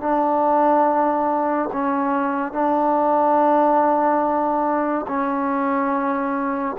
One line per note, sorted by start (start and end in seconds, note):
0.00 1.69 D4
1.72 2.52 C#4
2.52 5.06 D4
5.07 6.76 C#4